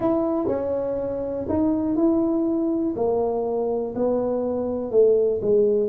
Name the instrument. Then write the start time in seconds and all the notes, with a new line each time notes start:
tuba
0.00 E4
0.47 C#4
1.48 D#4
1.96 E4
2.96 A#3
3.95 B3
4.91 A3
5.41 G#3